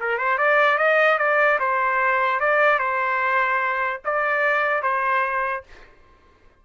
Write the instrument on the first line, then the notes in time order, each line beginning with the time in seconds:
trumpet
0.00 A#4
0.18 C5
0.38 D5
0.78 D#5
1.19 D5
1.60 C5
2.40 D5
2.79 C5
4.05 D5
4.83 C5